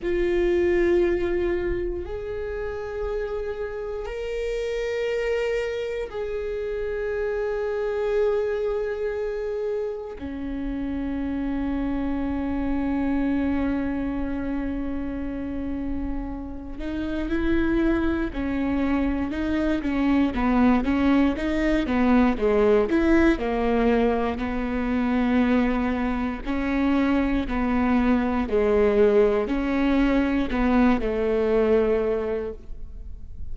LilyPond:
\new Staff \with { instrumentName = "viola" } { \time 4/4 \tempo 4 = 59 f'2 gis'2 | ais'2 gis'2~ | gis'2 cis'2~ | cis'1~ |
cis'8 dis'8 e'4 cis'4 dis'8 cis'8 | b8 cis'8 dis'8 b8 gis8 e'8 ais4 | b2 cis'4 b4 | gis4 cis'4 b8 a4. | }